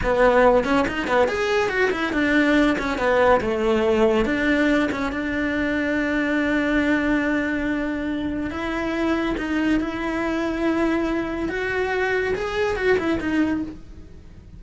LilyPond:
\new Staff \with { instrumentName = "cello" } { \time 4/4 \tempo 4 = 141 b4. cis'8 dis'8 b8 gis'4 | fis'8 e'8 d'4. cis'8 b4 | a2 d'4. cis'8 | d'1~ |
d'1 | e'2 dis'4 e'4~ | e'2. fis'4~ | fis'4 gis'4 fis'8 e'8 dis'4 | }